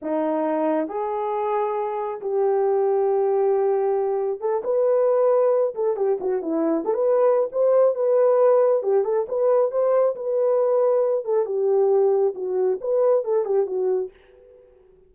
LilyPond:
\new Staff \with { instrumentName = "horn" } { \time 4/4 \tempo 4 = 136 dis'2 gis'2~ | gis'4 g'2.~ | g'2 a'8 b'4.~ | b'4 a'8 g'8 fis'8 e'4 a'16 b'16~ |
b'4 c''4 b'2 | g'8 a'8 b'4 c''4 b'4~ | b'4. a'8 g'2 | fis'4 b'4 a'8 g'8 fis'4 | }